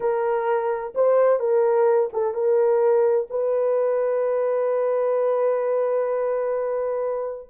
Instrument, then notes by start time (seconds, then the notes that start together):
horn
0.00 A#4
0.94 C5
1.39 A#4
2.12 A4
2.34 A#4
3.30 B4